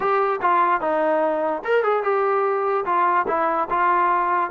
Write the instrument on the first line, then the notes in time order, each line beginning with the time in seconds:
trombone
0.00 G4
0.41 F4
0.80 D#4
1.64 A#4
1.83 G#4
2.03 G4
2.85 F4
3.27 E4
3.69 F4